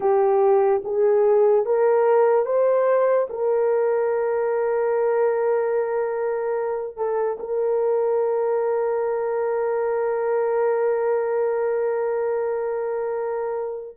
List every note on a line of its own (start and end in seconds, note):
0.00 0.82 G4
0.84 1.65 G#4
1.65 2.45 A#4
2.45 3.27 C5
3.29 6.96 A#4
6.96 7.37 A4
7.39 13.97 A#4